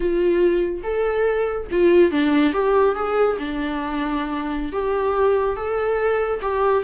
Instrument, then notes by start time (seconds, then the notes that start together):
viola
0.00 F4
0.83 A4
1.71 F4
2.11 D4
2.53 G4
2.95 G#4
3.38 D4
4.72 G4
5.56 A4
6.41 G4